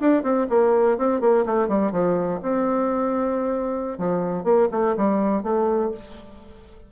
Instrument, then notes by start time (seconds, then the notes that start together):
bassoon
0.00 D4
0.23 C4
0.49 A#3
0.98 C4
1.21 A#3
1.45 A3
1.68 G3
1.92 F3
2.42 C4
3.98 F3
4.44 A#3
4.71 A3
4.96 G3
5.43 A3